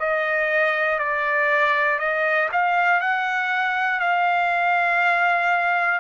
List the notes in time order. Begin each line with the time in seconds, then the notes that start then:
0.00 D#5
0.99 D5
2.00 D#5
2.52 F5
3.01 F#5
4.00 F5